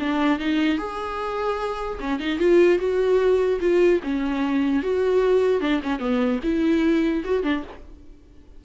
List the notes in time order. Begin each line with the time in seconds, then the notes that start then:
0.00 D4
0.40 D#4
0.78 G#4
2.01 C#4
2.20 D#4
2.39 F4
2.79 F#4
3.61 F4
4.03 C#4
4.83 F#4
5.61 D4
5.83 C#4
6.00 B3
6.44 E4
7.25 F#4
7.43 D4